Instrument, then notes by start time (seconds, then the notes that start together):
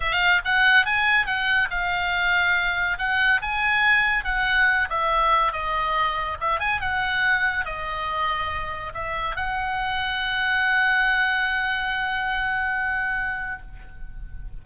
oboe
0.00 F5
0.44 F#5
0.85 G#5
1.26 F#5
1.70 F5
2.98 F#5
3.41 G#5
4.24 F#5
4.89 E5
5.52 D#5
6.40 E5
6.59 G#5
6.80 F#5
7.65 D#5
8.94 E5
9.36 F#5